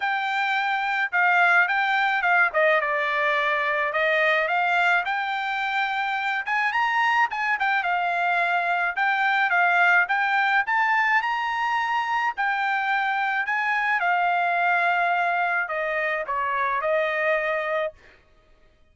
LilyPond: \new Staff \with { instrumentName = "trumpet" } { \time 4/4 \tempo 4 = 107 g''2 f''4 g''4 | f''8 dis''8 d''2 dis''4 | f''4 g''2~ g''8 gis''8 | ais''4 gis''8 g''8 f''2 |
g''4 f''4 g''4 a''4 | ais''2 g''2 | gis''4 f''2. | dis''4 cis''4 dis''2 | }